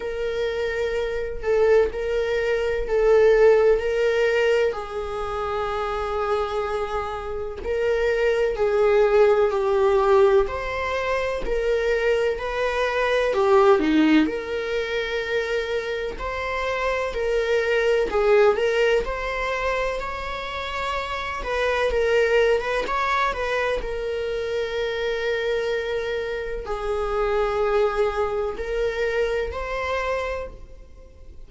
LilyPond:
\new Staff \with { instrumentName = "viola" } { \time 4/4 \tempo 4 = 63 ais'4. a'8 ais'4 a'4 | ais'4 gis'2. | ais'4 gis'4 g'4 c''4 | ais'4 b'4 g'8 dis'8 ais'4~ |
ais'4 c''4 ais'4 gis'8 ais'8 | c''4 cis''4. b'8 ais'8. b'16 | cis''8 b'8 ais'2. | gis'2 ais'4 c''4 | }